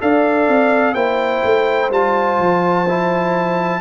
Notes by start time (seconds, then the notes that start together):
0.00 D4 A4 D5 F5
0.47 C4
0.94 A#3 E4 C5 G5
1.43 A3
1.90 G3 F4 A5
2.38 F3
2.88 E4